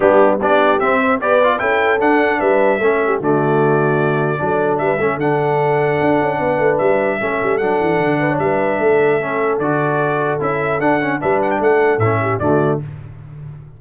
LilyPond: <<
  \new Staff \with { instrumentName = "trumpet" } { \time 4/4 \tempo 4 = 150 g'4 d''4 e''4 d''4 | g''4 fis''4 e''2 | d''1 | e''4 fis''2.~ |
fis''4 e''2 fis''4~ | fis''4 e''2. | d''2 e''4 fis''4 | e''8 fis''16 g''16 fis''4 e''4 d''4 | }
  \new Staff \with { instrumentName = "horn" } { \time 4/4 d'4 g'4. c''8 b'4 | a'2 b'4 a'8 g'8 | fis'2. a'4 | b'8 a'2.~ a'8 |
b'2 a'2~ | a'8 b'16 cis''16 b'4 a'2~ | a'1 | b'4 a'4. g'8 fis'4 | }
  \new Staff \with { instrumentName = "trombone" } { \time 4/4 b4 d'4 c'4 g'8 f'8 | e'4 d'2 cis'4 | a2. d'4~ | d'8 cis'8 d'2.~ |
d'2 cis'4 d'4~ | d'2. cis'4 | fis'2 e'4 d'8 cis'8 | d'2 cis'4 a4 | }
  \new Staff \with { instrumentName = "tuba" } { \time 4/4 g4 b4 c'4 b4 | cis'4 d'4 g4 a4 | d2. fis4 | g8 a8 d2 d'8 cis'8 |
b8 a8 g4 a8 g8 fis8 e8 | d4 g4 a2 | d2 cis'4 d'4 | g4 a4 a,4 d4 | }
>>